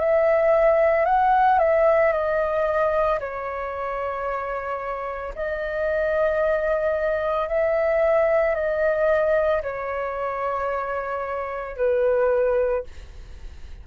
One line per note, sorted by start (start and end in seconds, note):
0.00 1.06 E5
1.06 1.59 F#5
1.59 2.12 E5
2.12 3.19 D#5
3.20 5.34 C#5
5.35 7.49 D#5
7.49 8.55 E5
8.55 9.62 D#5
9.63 11.77 C#5
11.77 12.84 B4